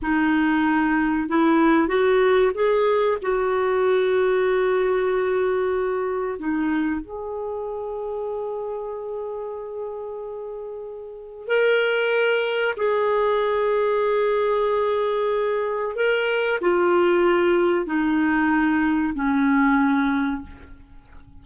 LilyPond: \new Staff \with { instrumentName = "clarinet" } { \time 4/4 \tempo 4 = 94 dis'2 e'4 fis'4 | gis'4 fis'2.~ | fis'2 dis'4 gis'4~ | gis'1~ |
gis'2 ais'2 | gis'1~ | gis'4 ais'4 f'2 | dis'2 cis'2 | }